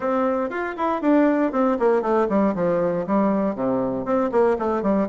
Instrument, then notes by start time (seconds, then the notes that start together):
bassoon
0.00 C4
0.49 F4
0.76 E4
1.01 D4
1.52 C4
1.79 A#3
2.02 A3
2.29 G3
2.54 F3
3.06 G3
3.55 C3
4.05 C4
4.31 A#3
4.58 A3
4.82 G3